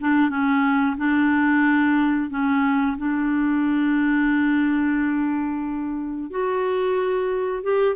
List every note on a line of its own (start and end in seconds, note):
0.00 0.29 D4
0.29 0.96 C#4
0.97 2.30 D4
2.30 2.96 C#4
2.97 6.30 D4
6.30 7.63 F#4
7.63 7.95 G4